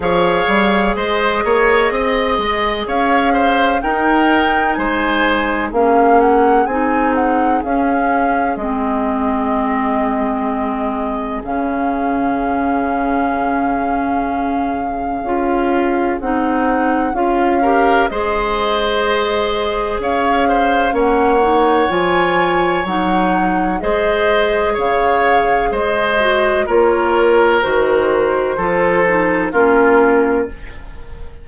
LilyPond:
<<
  \new Staff \with { instrumentName = "flute" } { \time 4/4 \tempo 4 = 63 f''4 dis''2 f''4 | g''4 gis''4 f''8 fis''8 gis''8 fis''8 | f''4 dis''2. | f''1~ |
f''4 fis''4 f''4 dis''4~ | dis''4 f''4 fis''4 gis''4 | fis''4 dis''4 f''4 dis''4 | cis''4 c''2 ais'4 | }
  \new Staff \with { instrumentName = "oboe" } { \time 4/4 cis''4 c''8 cis''8 dis''4 cis''8 c''8 | ais'4 c''4 gis'2~ | gis'1~ | gis'1~ |
gis'2~ gis'8 ais'8 c''4~ | c''4 cis''8 c''8 cis''2~ | cis''4 c''4 cis''4 c''4 | ais'2 a'4 f'4 | }
  \new Staff \with { instrumentName = "clarinet" } { \time 4/4 gis'1 | dis'2 cis'4 dis'4 | cis'4 c'2. | cis'1 |
f'4 dis'4 f'8 g'8 gis'4~ | gis'2 cis'8 dis'8 f'4 | dis'4 gis'2~ gis'8 fis'8 | f'4 fis'4 f'8 dis'8 cis'4 | }
  \new Staff \with { instrumentName = "bassoon" } { \time 4/4 f8 g8 gis8 ais8 c'8 gis8 cis'4 | dis'4 gis4 ais4 c'4 | cis'4 gis2. | cis1 |
cis'4 c'4 cis'4 gis4~ | gis4 cis'4 ais4 f4 | fis4 gis4 cis4 gis4 | ais4 dis4 f4 ais4 | }
>>